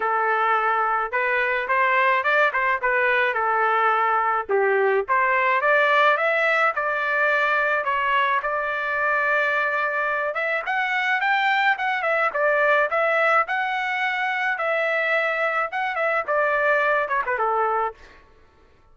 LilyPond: \new Staff \with { instrumentName = "trumpet" } { \time 4/4 \tempo 4 = 107 a'2 b'4 c''4 | d''8 c''8 b'4 a'2 | g'4 c''4 d''4 e''4 | d''2 cis''4 d''4~ |
d''2~ d''8 e''8 fis''4 | g''4 fis''8 e''8 d''4 e''4 | fis''2 e''2 | fis''8 e''8 d''4. cis''16 b'16 a'4 | }